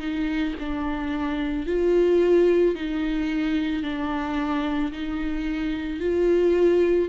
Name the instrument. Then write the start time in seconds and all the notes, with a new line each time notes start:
viola
0.00 D#4
0.60 D4
1.67 F4
2.76 D#4
3.83 D4
4.92 D#4
6.00 F4